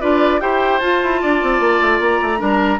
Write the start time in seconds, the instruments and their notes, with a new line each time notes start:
0.00 bassoon D4, clarinet F4, oboe B4, flute D5
0.40 bassoon E4, clarinet G4, oboe C5, flute G5
0.79 bassoon F4, clarinet F4, flute A5
1.03 bassoon E4
1.21 bassoon D4, oboe D5
1.42 bassoon C4
1.60 bassoon A#3
1.81 bassoon A3
1.99 bassoon A#3, flute A#5
2.21 bassoon A3
2.37 bassoon G3, clarinet D4, oboe A#4